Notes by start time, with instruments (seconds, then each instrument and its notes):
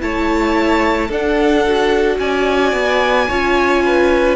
0.00 cello A3, viola E4, violin C#5 A5
1.08 cello D4, viola D4, violin A4 F#5
1.67 viola F#4
2.19 cello C#4, violin D5 G#5
2.72 cello B3
3.28 cello C#4, viola F4, violin C#5
3.85 violin B4